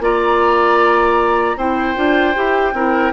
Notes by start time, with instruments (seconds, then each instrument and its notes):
0.00 bassoon A#3, clarinet F4, oboe D5, flute A#5
1.56 bassoon C4, clarinet E4, oboe C5, flute G5
1.95 bassoon D4, clarinet F4
2.35 bassoon E4, clarinet G4
2.73 bassoon C4, clarinet E4, oboe A#4